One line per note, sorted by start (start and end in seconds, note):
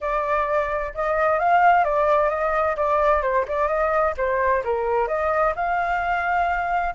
0.00 0.93 D5
0.94 1.39 D#5
1.39 1.84 F5
1.84 2.29 D5
2.29 2.75 D#5
2.76 3.22 D5
3.22 3.45 C5
3.48 3.68 D5
3.68 4.14 D#5
4.17 4.63 C5
4.64 5.07 A#4
5.07 5.53 D#5
5.55 6.94 F5